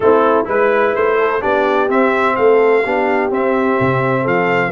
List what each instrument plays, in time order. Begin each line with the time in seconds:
0.00 tuba A3, trombone C4, horn E4, trumpet A4
0.45 tuba G#3, trombone E4, horn B4, trumpet B4
0.95 tuba A3, trumpet C5
1.19 horn A4
1.41 tuba B3, trombone D4, horn G4, trumpet D5
1.88 trombone C4, tuba C4, trumpet E5
2.35 tuba A3, horn A4, trumpet F5
2.84 tuba B3, trombone D4, horn G4
3.30 trombone C4, tuba C4, trumpet E5
3.80 tuba C3
4.21 tuba F3, horn A4, trumpet F5